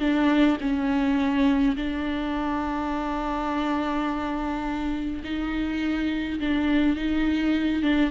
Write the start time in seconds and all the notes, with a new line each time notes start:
0.00 D4
0.61 C#4
1.76 D4
5.24 D#4
6.40 D4
6.97 D#4
7.83 D4